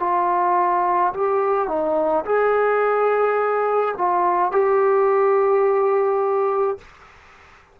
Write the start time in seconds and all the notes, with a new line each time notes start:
0.00 F4
1.14 G4
1.68 D#4
2.25 G#4
3.98 F4
4.52 G4